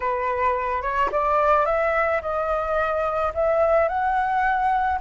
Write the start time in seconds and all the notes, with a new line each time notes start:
0.00 B4
0.82 C#5
1.11 D5
1.65 E5
2.21 D#5
3.34 E5
3.88 F#5